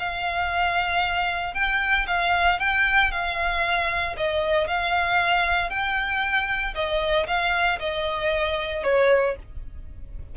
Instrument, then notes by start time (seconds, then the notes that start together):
violin
0.00 F5
1.55 G5
2.08 F5
2.60 G5
3.12 F5
4.17 D#5
4.68 F5
5.70 G5
6.75 D#5
7.27 F5
7.80 D#5
8.84 C#5